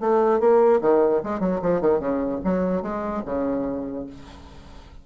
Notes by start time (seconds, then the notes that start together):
0.00 A3
0.40 A#3
0.81 D#3
1.23 G#3
1.40 F#3
1.61 F3
1.81 D#3
1.99 C#3
2.44 F#3
2.82 G#3
3.25 C#3